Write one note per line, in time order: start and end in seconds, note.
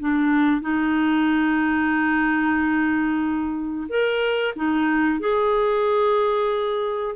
0.00 0.62 D4
0.62 3.88 D#4
3.89 4.54 A#4
4.56 5.20 D#4
5.20 7.16 G#4